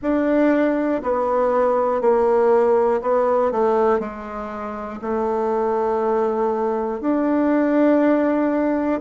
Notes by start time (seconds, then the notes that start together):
0.02 D4
1.02 B3
2.00 A#3
3.01 B3
3.51 A3
4.00 G#3
5.01 A3
7.00 D4